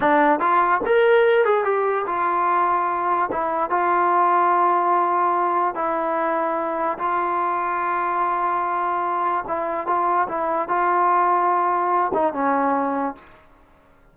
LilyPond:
\new Staff \with { instrumentName = "trombone" } { \time 4/4 \tempo 4 = 146 d'4 f'4 ais'4. gis'8 | g'4 f'2. | e'4 f'2.~ | f'2 e'2~ |
e'4 f'2.~ | f'2. e'4 | f'4 e'4 f'2~ | f'4. dis'8 cis'2 | }